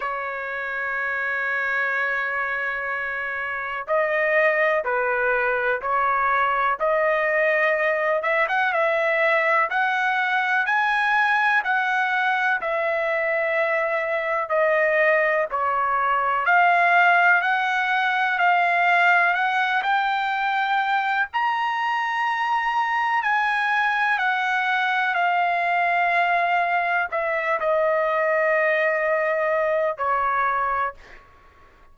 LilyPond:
\new Staff \with { instrumentName = "trumpet" } { \time 4/4 \tempo 4 = 62 cis''1 | dis''4 b'4 cis''4 dis''4~ | dis''8 e''16 fis''16 e''4 fis''4 gis''4 | fis''4 e''2 dis''4 |
cis''4 f''4 fis''4 f''4 | fis''8 g''4. ais''2 | gis''4 fis''4 f''2 | e''8 dis''2~ dis''8 cis''4 | }